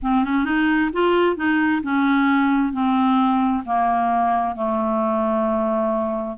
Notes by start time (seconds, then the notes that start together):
0.02 C4
0.24 C#4
0.44 D#4
0.92 F4
1.36 D#4
1.83 C#4
2.72 C4
3.65 A#3
4.55 A3